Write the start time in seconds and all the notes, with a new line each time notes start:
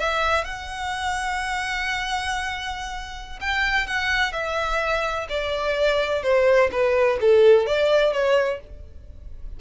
0.00 E5
0.45 F#5
3.41 G5
3.87 F#5
4.33 E5
5.29 D5
6.23 C5
6.72 B4
7.21 A4
7.67 D5
8.13 C#5